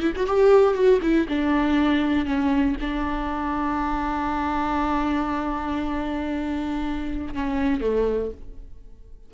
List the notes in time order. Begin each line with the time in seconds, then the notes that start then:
0.00 E4
0.16 F#4
0.27 G4
0.74 F#4
1.02 E4
1.29 D4
2.26 C#4
2.81 D4
7.34 C#4
7.81 A3